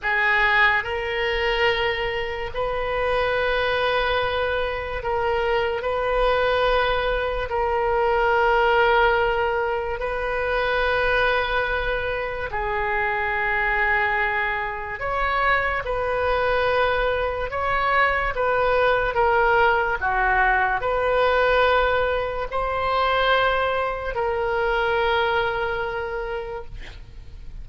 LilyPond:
\new Staff \with { instrumentName = "oboe" } { \time 4/4 \tempo 4 = 72 gis'4 ais'2 b'4~ | b'2 ais'4 b'4~ | b'4 ais'2. | b'2. gis'4~ |
gis'2 cis''4 b'4~ | b'4 cis''4 b'4 ais'4 | fis'4 b'2 c''4~ | c''4 ais'2. | }